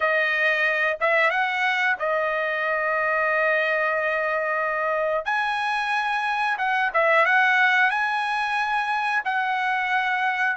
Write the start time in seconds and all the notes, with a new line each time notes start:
0.00 D#5
1.00 E5
1.30 F#5
1.99 D#5
5.25 G#5
6.58 F#5
6.93 E5
7.25 F#5
7.90 G#5
9.25 F#5